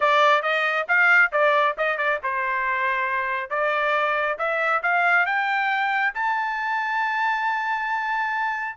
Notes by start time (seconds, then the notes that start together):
0.00 D5
0.42 D#5
0.88 F5
1.32 D5
1.77 D#5
1.97 D5
2.23 C5
3.50 D5
4.38 E5
4.82 F5
5.26 G5
6.14 A5